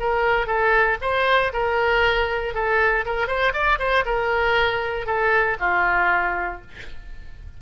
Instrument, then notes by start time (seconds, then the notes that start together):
oboe
0.00 A#4
0.47 A4
1.02 C5
1.53 A#4
2.54 A4
3.06 A#4
3.28 C5
3.53 D5
3.79 C5
4.05 A#4
5.06 A4
5.60 F4